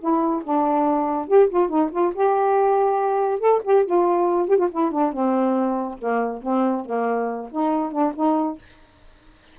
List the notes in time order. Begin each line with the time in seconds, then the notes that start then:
0.00 E4
0.44 D4
1.28 G4
1.50 F4
1.69 D#4
1.92 F4
2.15 G4
3.40 A4
3.64 G4
3.86 F4
4.49 G4
4.58 F4
4.72 E4
4.92 D4
5.13 C4
5.99 A#3
6.43 C4
6.86 A#3
7.52 D#4
7.92 D4
8.15 D#4